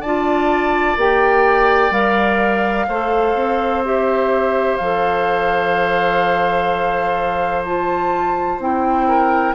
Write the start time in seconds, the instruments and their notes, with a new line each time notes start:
0.00 bassoon D4, clarinet F4, oboe D5, flute A5
0.96 bassoon A#3, clarinet G4, flute G5
1.90 bassoon G3, clarinet A#4, flute F5
2.88 bassoon A3, clarinet A4, oboe C5
3.34 bassoon C4
3.85 clarinet G4, flute E5
4.76 bassoon F3, clarinet A4, flute F5
7.64 clarinet F4, flute A5
8.59 bassoon C4, clarinet E4, flute G5
9.08 oboe A#4